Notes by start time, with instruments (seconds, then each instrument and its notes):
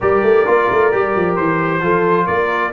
0.00 tuba G3, trombone G4, horn A#4, trumpet D5
0.22 tuba A3
0.46 tuba A#3, trombone F4
0.71 tuba A3
0.91 tuba G3, trombone G4
1.15 tuba F3
1.35 tuba E3, trumpet C5
1.81 tuba F3, trombone F4, horn A4
2.26 tuba A#3, horn A#4, trumpet D5